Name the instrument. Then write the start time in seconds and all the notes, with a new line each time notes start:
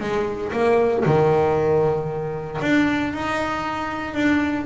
double bass
0.00 G#3
0.52 A#3
1.05 D#3
2.61 D4
3.13 D#4
4.14 D4